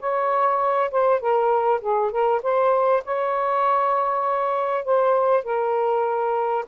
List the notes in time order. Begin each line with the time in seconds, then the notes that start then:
0.00 C#5
0.91 C5
1.20 A#4
1.81 G#4
2.12 A#4
2.43 C5
3.05 C#5
4.85 C5
5.44 A#4